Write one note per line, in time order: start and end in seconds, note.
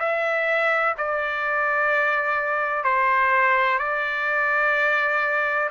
0.00 0.95 E5
0.98 2.84 D5
2.84 3.79 C5
3.79 5.69 D5